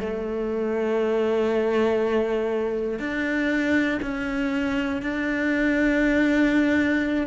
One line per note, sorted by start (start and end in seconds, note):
0.00 2.99 A3
2.99 3.99 D4
4.02 5.02 C#4
5.02 7.27 D4